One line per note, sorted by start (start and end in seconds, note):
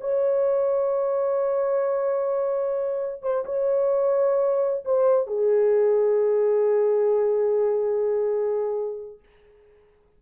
0.00 3.22 C#5
3.22 3.45 C5
3.45 4.84 C#5
4.85 5.27 C5
5.27 9.19 G#4